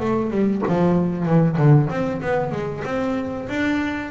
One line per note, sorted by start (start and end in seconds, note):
0.00 0.30 A3
0.30 0.62 G3
0.68 1.25 F3
1.25 1.57 E3
1.57 1.89 D3
1.89 2.21 C4
2.22 2.51 B3
2.51 2.83 G#3
2.85 3.48 C4
3.49 4.11 D4